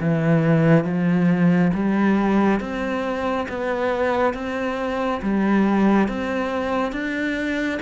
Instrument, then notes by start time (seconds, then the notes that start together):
cello
0.00 E3
0.84 F3
1.74 G3
2.60 C4
3.49 B3
4.34 C4
5.22 G3
6.08 C4
6.92 D4